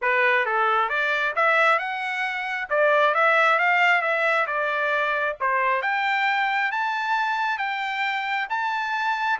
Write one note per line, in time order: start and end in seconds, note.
0.01 0.45 B4
0.45 0.89 A4
0.89 1.34 D5
1.35 1.78 E5
1.78 2.68 F#5
2.69 3.14 D5
3.14 3.58 E5
3.58 4.01 F5
4.01 4.46 E5
4.46 5.36 D5
5.40 5.81 C5
5.81 6.71 G5
6.71 7.58 A5
7.58 8.47 G5
8.49 9.39 A5